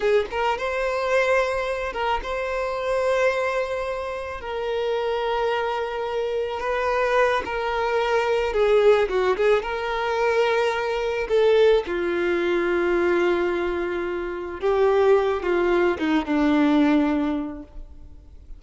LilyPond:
\new Staff \with { instrumentName = "violin" } { \time 4/4 \tempo 4 = 109 gis'8 ais'8 c''2~ c''8 ais'8 | c''1 | ais'1 | b'4. ais'2 gis'8~ |
gis'8 fis'8 gis'8 ais'2~ ais'8~ | ais'8 a'4 f'2~ f'8~ | f'2~ f'8 g'4. | f'4 dis'8 d'2~ d'8 | }